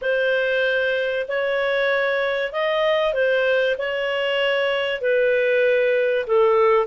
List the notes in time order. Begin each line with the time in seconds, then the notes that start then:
0.01 C5
1.28 C#5
2.52 D#5
3.13 C5
3.78 C#5
5.01 B4
6.27 A4